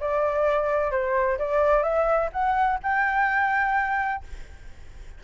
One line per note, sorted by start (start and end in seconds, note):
0.00 0.91 D5
0.91 1.38 C5
1.38 1.83 D5
1.83 2.29 E5
2.32 2.79 F#5
2.83 4.23 G5